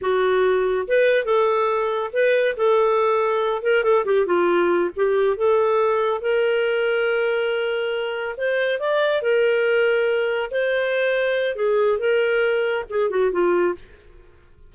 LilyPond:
\new Staff \with { instrumentName = "clarinet" } { \time 4/4 \tempo 4 = 140 fis'2 b'4 a'4~ | a'4 b'4 a'2~ | a'8 ais'8 a'8 g'8 f'4. g'8~ | g'8 a'2 ais'4.~ |
ais'2.~ ais'8 c''8~ | c''8 d''4 ais'2~ ais'8~ | ais'8 c''2~ c''8 gis'4 | ais'2 gis'8 fis'8 f'4 | }